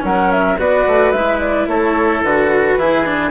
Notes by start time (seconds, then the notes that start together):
0.00 F#3 C#4 A#4 F#5
0.31 E5
0.58 B3 F#4 B4 D5
0.87 A3
1.11 G#3 E4 E5
1.39 D5
1.67 A3 A4 C#5
2.23 D3 F#4 B4
2.76 E3 E4 G#4
3.05 D4